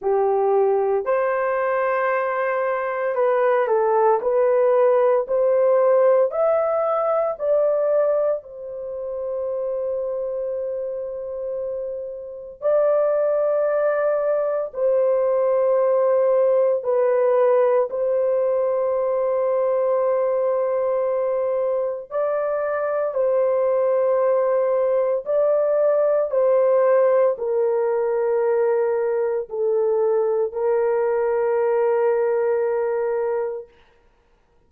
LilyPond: \new Staff \with { instrumentName = "horn" } { \time 4/4 \tempo 4 = 57 g'4 c''2 b'8 a'8 | b'4 c''4 e''4 d''4 | c''1 | d''2 c''2 |
b'4 c''2.~ | c''4 d''4 c''2 | d''4 c''4 ais'2 | a'4 ais'2. | }